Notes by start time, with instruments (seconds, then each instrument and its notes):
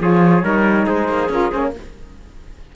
0.00 cello F3, saxophone F4, trumpet G#4, flute C#5
0.43 cello G3, saxophone D#4, trumpet A#4
0.86 cello G#3, trumpet G#4, flute C5
1.09 cello A#3
1.29 cello C#4, saxophone F4, flute A#4
1.51 cello A#3, saxophone C#4, flute C5
1.60 flute C#5